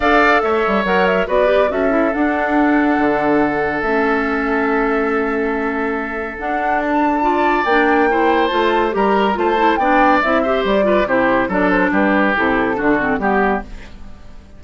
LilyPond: <<
  \new Staff \with { instrumentName = "flute" } { \time 4/4 \tempo 4 = 141 f''4 e''4 fis''8 e''8 d''4 | e''4 fis''2.~ | fis''4 e''2.~ | e''2. fis''4 |
a''2 g''2 | a''4 ais''4 a''4 g''4 | e''4 d''4 c''4 d''8 c''8 | b'4 a'2 g'4 | }
  \new Staff \with { instrumentName = "oboe" } { \time 4/4 d''4 cis''2 b'4 | a'1~ | a'1~ | a'1~ |
a'4 d''2 c''4~ | c''4 ais'4 c''4 d''4~ | d''8 c''4 b'8 g'4 a'4 | g'2 fis'4 g'4 | }
  \new Staff \with { instrumentName = "clarinet" } { \time 4/4 a'2 ais'4 fis'8 g'8 | fis'8 e'8 d'2.~ | d'4 cis'2.~ | cis'2. d'4~ |
d'4 f'4 d'4 e'4 | f'4 g'4 f'8 e'8 d'4 | e'8 g'4 f'8 e'4 d'4~ | d'4 e'4 d'8 c'8 b4 | }
  \new Staff \with { instrumentName = "bassoon" } { \time 4/4 d'4 a8 g8 fis4 b4 | cis'4 d'2 d4~ | d4 a2.~ | a2. d'4~ |
d'2 ais2 | a4 g4 a4 b4 | c'4 g4 c4 fis4 | g4 c4 d4 g4 | }
>>